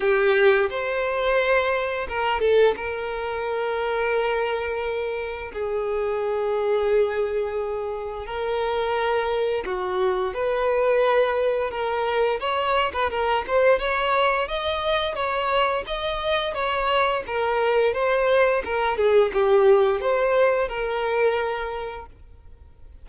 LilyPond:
\new Staff \with { instrumentName = "violin" } { \time 4/4 \tempo 4 = 87 g'4 c''2 ais'8 a'8 | ais'1 | gis'1 | ais'2 fis'4 b'4~ |
b'4 ais'4 cis''8. b'16 ais'8 c''8 | cis''4 dis''4 cis''4 dis''4 | cis''4 ais'4 c''4 ais'8 gis'8 | g'4 c''4 ais'2 | }